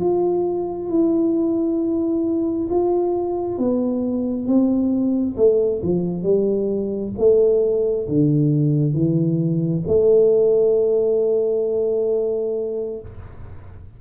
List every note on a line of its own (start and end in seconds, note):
0.00 0.90 F4
0.90 2.69 E4
2.70 3.58 F4
3.58 4.46 B3
4.46 5.36 C4
5.37 5.82 A3
5.82 6.23 F3
6.23 7.12 G3
7.18 8.08 A3
8.08 8.93 D3
8.93 9.83 E3
9.87 13.01 A3